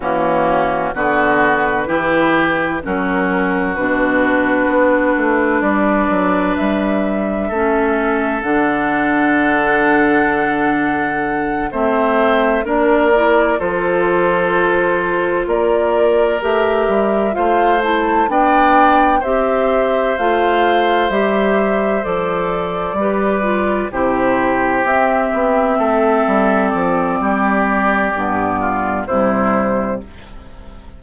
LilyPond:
<<
  \new Staff \with { instrumentName = "flute" } { \time 4/4 \tempo 4 = 64 fis'4 b'2 ais'4 | b'2 d''4 e''4~ | e''4 fis''2.~ | fis''8 e''4 d''4 c''4.~ |
c''8 d''4 e''4 f''8 a''8 g''8~ | g''8 e''4 f''4 e''4 d''8~ | d''4. c''4 e''4.~ | e''8 d''2~ d''8 c''4 | }
  \new Staff \with { instrumentName = "oboe" } { \time 4/4 cis'4 fis'4 g'4 fis'4~ | fis'2 b'2 | a'1~ | a'8 c''4 ais'4 a'4.~ |
a'8 ais'2 c''4 d''8~ | d''8 c''2.~ c''8~ | c''8 b'4 g'2 a'8~ | a'4 g'4. f'8 e'4 | }
  \new Staff \with { instrumentName = "clarinet" } { \time 4/4 ais4 b4 e'4 cis'4 | d'1 | cis'4 d'2.~ | d'8 c'4 d'8 e'8 f'4.~ |
f'4. g'4 f'8 e'8 d'8~ | d'8 g'4 f'4 g'4 a'8~ | a'8 g'8 f'8 e'4 c'4.~ | c'2 b4 g4 | }
  \new Staff \with { instrumentName = "bassoon" } { \time 4/4 e4 d4 e4 fis4 | b,4 b8 a8 g8 fis8 g4 | a4 d2.~ | d8 a4 ais4 f4.~ |
f8 ais4 a8 g8 a4 b8~ | b8 c'4 a4 g4 f8~ | f8 g4 c4 c'8 b8 a8 | g8 f8 g4 g,4 c4 | }
>>